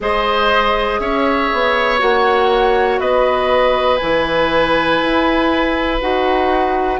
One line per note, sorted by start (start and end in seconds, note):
0.00 0.99 G#3
0.00 1.98 G#4
0.00 1.00 C5
0.00 0.99 D#5
0.99 1.49 C#4
0.99 3.00 C#5
0.99 1.99 E5
1.53 2.01 B3
1.98 2.99 A#3
1.98 3.98 F#4
1.98 3.00 F#5
2.99 3.99 B3
2.99 6.99 B4
2.99 3.96 D#5
3.96 5.00 E3
3.96 6.01 E4
3.96 5.96 G#5
5.00 6.00 E4
6.00 6.99 D#4
6.00 6.99 F#4
6.00 6.99 F#5